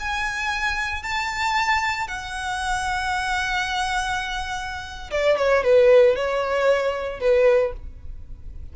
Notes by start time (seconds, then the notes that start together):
0.00 G#5
1.03 A5
2.08 F#5
5.11 D5
5.38 C#5
5.64 B4
6.16 C#5
7.21 B4